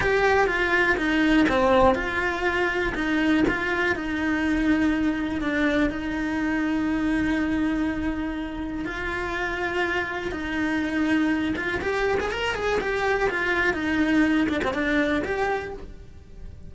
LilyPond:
\new Staff \with { instrumentName = "cello" } { \time 4/4 \tempo 4 = 122 g'4 f'4 dis'4 c'4 | f'2 dis'4 f'4 | dis'2. d'4 | dis'1~ |
dis'2 f'2~ | f'4 dis'2~ dis'8 f'8 | g'8. gis'16 ais'8 gis'8 g'4 f'4 | dis'4. d'16 c'16 d'4 g'4 | }